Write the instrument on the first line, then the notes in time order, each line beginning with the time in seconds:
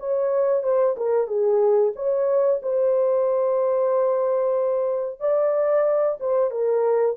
horn
0.00 C#5
0.63 C5
0.97 A#4
1.27 G#4
1.96 C#5
2.63 C5
5.20 D5
6.20 C5
6.51 A#4